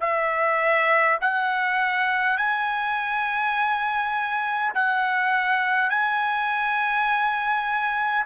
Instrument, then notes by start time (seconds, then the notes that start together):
trumpet
0.00 E5
1.21 F#5
2.37 G#5
4.74 F#5
5.90 G#5